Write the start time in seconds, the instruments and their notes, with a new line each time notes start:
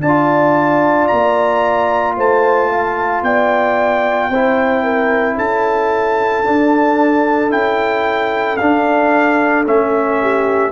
0.00 tuba D4, trombone F4, horn D5, trumpet A5
1.07 tuba A#3, trumpet A#5
2.17 tuba A3, horn C5, trumpet A5
2.71 horn F5
3.23 tuba B3, horn D5, trumpet G5
4.29 tuba C4, trombone E4, horn C5
4.83 horn A#4
5.36 tuba C#4, horn A4, trumpet A5
6.45 trombone D4, tuba D4
7.50 tuba C#4, trombone E4, trumpet G5
8.57 tuba D4, trombone D4, trumpet F5
9.65 tuba A3, trombone C#4, trumpet E5
10.21 horn G4